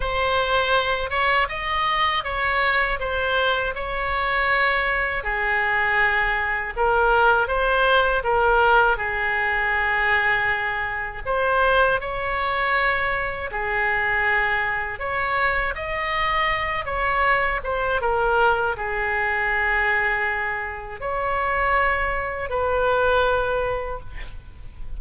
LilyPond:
\new Staff \with { instrumentName = "oboe" } { \time 4/4 \tempo 4 = 80 c''4. cis''8 dis''4 cis''4 | c''4 cis''2 gis'4~ | gis'4 ais'4 c''4 ais'4 | gis'2. c''4 |
cis''2 gis'2 | cis''4 dis''4. cis''4 c''8 | ais'4 gis'2. | cis''2 b'2 | }